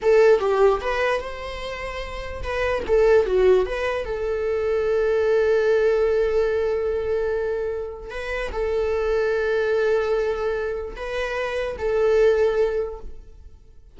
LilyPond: \new Staff \with { instrumentName = "viola" } { \time 4/4 \tempo 4 = 148 a'4 g'4 b'4 c''4~ | c''2 b'4 a'4 | fis'4 b'4 a'2~ | a'1~ |
a'1 | b'4 a'2.~ | a'2. b'4~ | b'4 a'2. | }